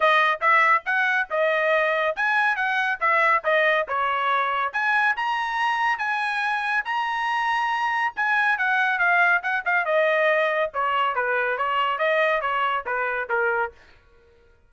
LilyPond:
\new Staff \with { instrumentName = "trumpet" } { \time 4/4 \tempo 4 = 140 dis''4 e''4 fis''4 dis''4~ | dis''4 gis''4 fis''4 e''4 | dis''4 cis''2 gis''4 | ais''2 gis''2 |
ais''2. gis''4 | fis''4 f''4 fis''8 f''8 dis''4~ | dis''4 cis''4 b'4 cis''4 | dis''4 cis''4 b'4 ais'4 | }